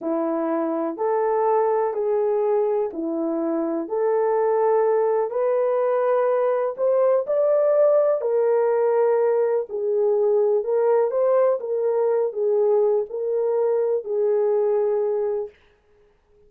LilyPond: \new Staff \with { instrumentName = "horn" } { \time 4/4 \tempo 4 = 124 e'2 a'2 | gis'2 e'2 | a'2. b'4~ | b'2 c''4 d''4~ |
d''4 ais'2. | gis'2 ais'4 c''4 | ais'4. gis'4. ais'4~ | ais'4 gis'2. | }